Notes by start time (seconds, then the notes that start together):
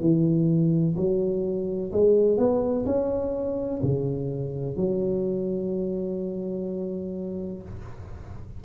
0.00 E3
0.97 F#3
1.93 G#3
2.38 B3
2.85 C#4
3.82 C#3
4.76 F#3